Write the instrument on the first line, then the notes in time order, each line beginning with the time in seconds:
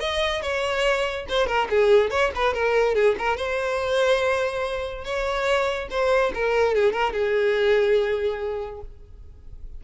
violin
0.00 D#5
0.42 C#5
1.29 C5
1.47 A#4
1.70 G#4
2.10 C#5
2.35 B4
2.54 A#4
2.95 G#4
3.18 A#4
3.37 C5
5.04 C#5
5.90 C5
6.35 A#4
6.75 G#4
6.92 A#4
7.13 G#4